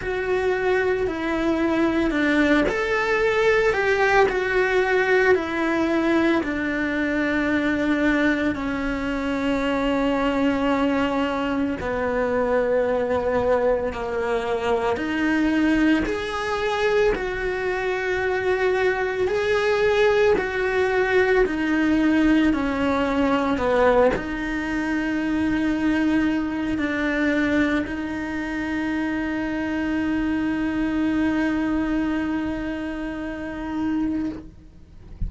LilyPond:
\new Staff \with { instrumentName = "cello" } { \time 4/4 \tempo 4 = 56 fis'4 e'4 d'8 a'4 g'8 | fis'4 e'4 d'2 | cis'2. b4~ | b4 ais4 dis'4 gis'4 |
fis'2 gis'4 fis'4 | dis'4 cis'4 b8 dis'4.~ | dis'4 d'4 dis'2~ | dis'1 | }